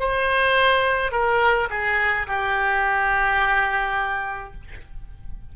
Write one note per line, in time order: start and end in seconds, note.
0.00 1.12 C5
1.12 1.69 A#4
1.70 2.27 G#4
2.27 4.54 G4